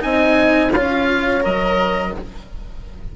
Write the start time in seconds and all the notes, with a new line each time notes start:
0.00 C4 D#4 D#5 G#5
0.73 C#4 F4 C#5 F5
1.41 F#3 A#4 D#5